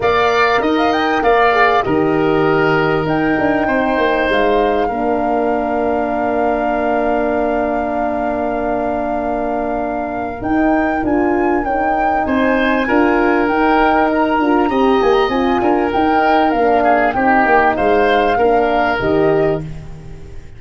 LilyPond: <<
  \new Staff \with { instrumentName = "flute" } { \time 4/4 \tempo 4 = 98 f''4 dis'16 f''16 g''8 f''4 dis''4~ | dis''4 g''2 f''4~ | f''1~ | f''1~ |
f''4 g''4 gis''4 g''4 | gis''2 g''4 ais''4~ | ais''8 gis''16 ais''16 gis''4 g''4 f''4 | g''4 f''2 dis''4 | }
  \new Staff \with { instrumentName = "oboe" } { \time 4/4 d''4 dis''4 d''4 ais'4~ | ais'2 c''2 | ais'1~ | ais'1~ |
ais'1 | c''4 ais'2. | dis''4. ais'2 gis'8 | g'4 c''4 ais'2 | }
  \new Staff \with { instrumentName = "horn" } { \time 4/4 ais'2~ ais'8 gis'8 g'4~ | g'4 dis'2. | d'1~ | d'1~ |
d'4 dis'4 f'4 dis'4~ | dis'4 f'4 dis'4. f'8 | g'4 f'4 dis'4 d'4 | dis'2 d'4 g'4 | }
  \new Staff \with { instrumentName = "tuba" } { \time 4/4 ais4 dis'4 ais4 dis4~ | dis4 dis'8 d'8 c'8 ais8 gis4 | ais1~ | ais1~ |
ais4 dis'4 d'4 cis'4 | c'4 d'4 dis'4. d'8 | c'8 ais8 c'8 d'8 dis'4 ais4 | c'8 ais8 gis4 ais4 dis4 | }
>>